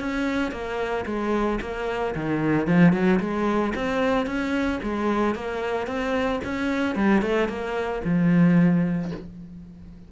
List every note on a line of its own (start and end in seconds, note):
0.00 0.52 C#4
0.52 1.05 A#3
1.06 1.59 G#3
1.61 2.15 A#3
2.15 2.67 D#3
2.67 2.93 F3
2.93 3.19 F#3
3.20 3.73 G#3
3.75 4.26 C4
4.26 4.80 C#4
4.83 5.35 G#3
5.35 5.87 A#3
5.87 6.40 C4
6.44 6.95 C#4
6.95 7.22 G3
7.22 7.49 A3
7.49 8.02 A#3
8.04 9.11 F3